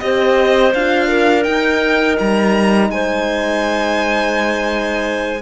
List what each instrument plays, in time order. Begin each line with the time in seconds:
0.00 cello C4, horn G4, clarinet C5, violin D#5
0.74 cello D4, horn F4, violin F5
1.08 clarinet A#4
1.43 horn D#4, cello D#4, violin G5
2.19 cello G3, violin A#5
2.90 cello G#3, clarinet C5, violin G#5